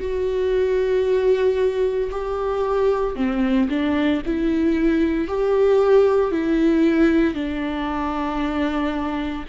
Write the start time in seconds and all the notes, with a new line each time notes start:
0.00 F#4
2.11 G4
3.16 C4
3.70 D4
4.26 E4
5.28 G4
6.32 E4
7.34 D4